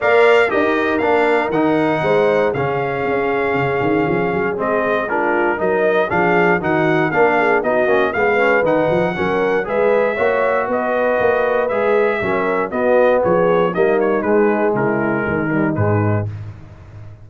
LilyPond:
<<
  \new Staff \with { instrumentName = "trumpet" } { \time 4/4 \tempo 4 = 118 f''4 dis''4 f''4 fis''4~ | fis''4 f''2.~ | f''4 dis''4 ais'4 dis''4 | f''4 fis''4 f''4 dis''4 |
f''4 fis''2 e''4~ | e''4 dis''2 e''4~ | e''4 dis''4 cis''4 dis''8 cis''8 | b'4 ais'2 b'4 | }
  \new Staff \with { instrumentName = "horn" } { \time 4/4 d''4 ais'2. | c''4 gis'2.~ | gis'2 f'4 ais'4 | gis'4 fis'4 ais'8 gis'8 fis'4 |
b'2 ais'4 b'4 | cis''4 b'2. | ais'4 fis'4 gis'4 dis'4~ | dis'4 e'4 dis'2 | }
  \new Staff \with { instrumentName = "trombone" } { \time 4/4 ais'4 g'4 d'4 dis'4~ | dis'4 cis'2.~ | cis'4 c'4 d'4 dis'4 | d'4 dis'4 d'4 dis'8 cis'8 |
b8 cis'8 dis'4 cis'4 gis'4 | fis'2. gis'4 | cis'4 b2 ais4 | gis2~ gis8 g8 gis4 | }
  \new Staff \with { instrumentName = "tuba" } { \time 4/4 ais4 dis'4 ais4 dis4 | gis4 cis4 cis'4 cis8 dis8 | f8 fis8 gis2 fis4 | f4 dis4 ais4 b8 ais8 |
gis4 dis8 f8 fis4 gis4 | ais4 b4 ais4 gis4 | fis4 b4 f4 g4 | gis4 cis4 dis4 gis,4 | }
>>